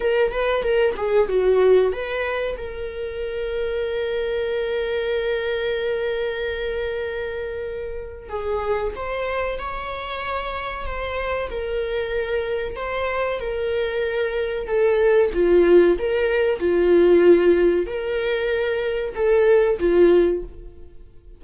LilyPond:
\new Staff \with { instrumentName = "viola" } { \time 4/4 \tempo 4 = 94 ais'8 b'8 ais'8 gis'8 fis'4 b'4 | ais'1~ | ais'1~ | ais'4 gis'4 c''4 cis''4~ |
cis''4 c''4 ais'2 | c''4 ais'2 a'4 | f'4 ais'4 f'2 | ais'2 a'4 f'4 | }